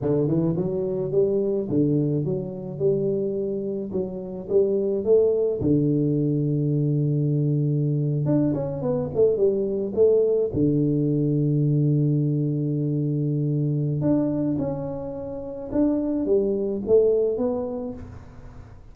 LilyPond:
\new Staff \with { instrumentName = "tuba" } { \time 4/4 \tempo 4 = 107 d8 e8 fis4 g4 d4 | fis4 g2 fis4 | g4 a4 d2~ | d2~ d8. d'8 cis'8 b16~ |
b16 a8 g4 a4 d4~ d16~ | d1~ | d4 d'4 cis'2 | d'4 g4 a4 b4 | }